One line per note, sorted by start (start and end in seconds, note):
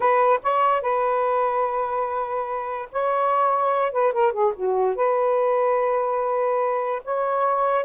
0.00 0.39 B4
0.42 0.81 C#5
0.81 2.88 B4
2.92 3.92 C#5
3.92 4.12 B4
4.12 4.32 A#4
4.32 4.53 G#4
4.56 4.95 F#4
4.95 7.02 B4
7.04 7.84 C#5